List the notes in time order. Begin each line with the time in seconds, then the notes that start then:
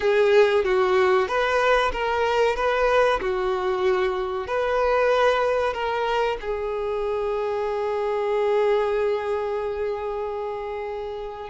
0.00 G#4
0.64 F#4
1.28 B4
1.92 A#4
2.56 B4
3.20 F#4
4.47 B4
5.73 A#4
6.40 G#4